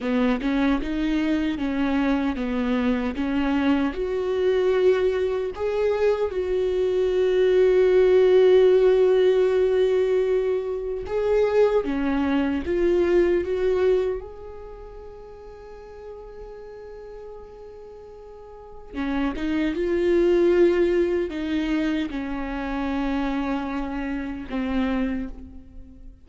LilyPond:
\new Staff \with { instrumentName = "viola" } { \time 4/4 \tempo 4 = 76 b8 cis'8 dis'4 cis'4 b4 | cis'4 fis'2 gis'4 | fis'1~ | fis'2 gis'4 cis'4 |
f'4 fis'4 gis'2~ | gis'1 | cis'8 dis'8 f'2 dis'4 | cis'2. c'4 | }